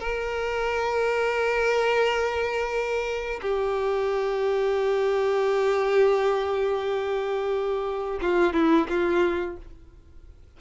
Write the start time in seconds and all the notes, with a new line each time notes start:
0.00 A#4
3.42 G4
8.22 F4
8.54 E4
8.89 F4